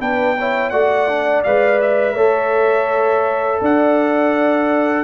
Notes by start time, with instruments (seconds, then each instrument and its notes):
0.00 tuba B3, trombone D4, horn B4, trumpet G5
0.38 trombone E4, horn C#5
0.70 tuba A3, trombone F#4, horn D5, trumpet F#5
1.08 trombone D4
1.43 tuba G#3, trombone B4, trumpet F5
1.81 trumpet E5
2.14 tuba A3, trombone A4, horn C#5
3.61 tuba D4, horn D5, trumpet F#5